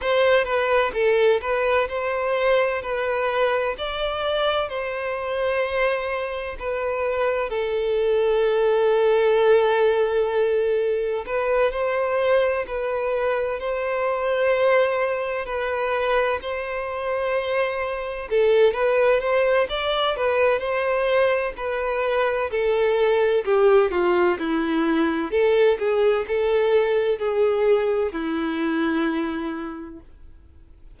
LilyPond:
\new Staff \with { instrumentName = "violin" } { \time 4/4 \tempo 4 = 64 c''8 b'8 a'8 b'8 c''4 b'4 | d''4 c''2 b'4 | a'1 | b'8 c''4 b'4 c''4.~ |
c''8 b'4 c''2 a'8 | b'8 c''8 d''8 b'8 c''4 b'4 | a'4 g'8 f'8 e'4 a'8 gis'8 | a'4 gis'4 e'2 | }